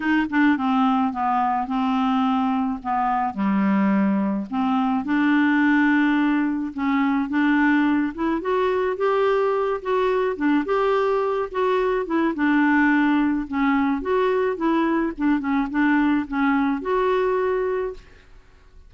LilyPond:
\new Staff \with { instrumentName = "clarinet" } { \time 4/4 \tempo 4 = 107 dis'8 d'8 c'4 b4 c'4~ | c'4 b4 g2 | c'4 d'2. | cis'4 d'4. e'8 fis'4 |
g'4. fis'4 d'8 g'4~ | g'8 fis'4 e'8 d'2 | cis'4 fis'4 e'4 d'8 cis'8 | d'4 cis'4 fis'2 | }